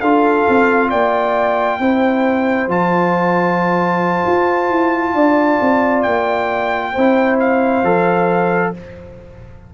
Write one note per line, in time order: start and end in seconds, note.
0.00 0.46 D4
0.00 1.81 F4
0.00 0.90 A4
0.00 0.90 F5
0.49 0.92 C4
0.90 1.79 A#3
0.90 1.79 D5
0.90 2.69 G5
1.79 2.68 C4
1.79 2.69 E4
1.79 5.15 C5
2.68 4.25 F3
2.68 6.94 F4
2.68 6.02 A5
4.26 4.70 F4
4.70 5.14 E4
5.14 5.59 D4
5.14 6.93 D5
5.61 6.06 C4
6.02 6.96 A#3
6.02 7.37 G5
6.93 7.83 C4
6.93 7.85 E4
6.93 8.72 C5
7.40 8.74 F5
7.83 8.73 F3
7.83 8.74 A4